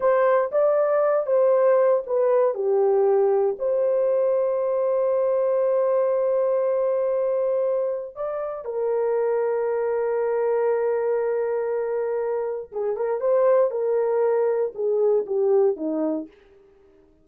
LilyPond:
\new Staff \with { instrumentName = "horn" } { \time 4/4 \tempo 4 = 118 c''4 d''4. c''4. | b'4 g'2 c''4~ | c''1~ | c''1 |
d''4 ais'2.~ | ais'1~ | ais'4 gis'8 ais'8 c''4 ais'4~ | ais'4 gis'4 g'4 dis'4 | }